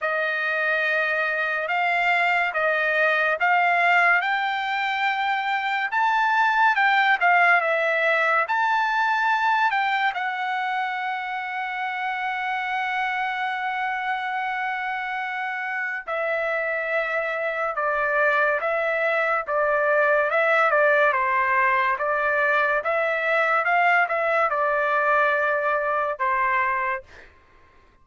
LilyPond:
\new Staff \with { instrumentName = "trumpet" } { \time 4/4 \tempo 4 = 71 dis''2 f''4 dis''4 | f''4 g''2 a''4 | g''8 f''8 e''4 a''4. g''8 | fis''1~ |
fis''2. e''4~ | e''4 d''4 e''4 d''4 | e''8 d''8 c''4 d''4 e''4 | f''8 e''8 d''2 c''4 | }